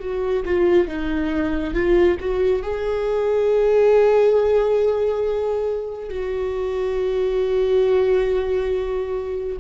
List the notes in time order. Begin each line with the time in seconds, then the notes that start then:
0.00 F#4
0.45 F4
0.88 D#4
1.74 F4
2.20 F#4
2.62 G#4
6.09 F#4